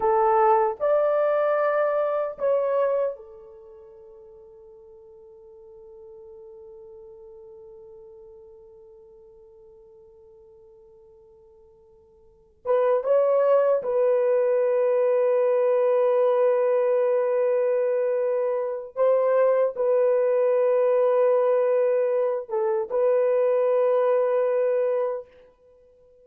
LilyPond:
\new Staff \with { instrumentName = "horn" } { \time 4/4 \tempo 4 = 76 a'4 d''2 cis''4 | a'1~ | a'1~ | a'1 |
b'8 cis''4 b'2~ b'8~ | b'1 | c''4 b'2.~ | b'8 a'8 b'2. | }